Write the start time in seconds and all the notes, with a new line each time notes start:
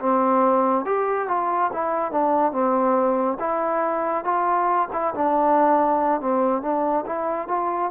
0.00 C4
0.85 G4
1.28 F4
1.73 E4
2.12 D4
2.52 C4
3.40 E4
4.25 F4
4.93 E4
5.15 D4
6.21 C4
6.62 D4
7.06 E4
7.48 F4